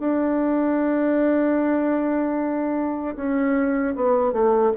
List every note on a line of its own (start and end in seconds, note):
0.00 3.16 D4
3.16 3.95 C#4
3.96 4.33 B3
4.33 4.73 A3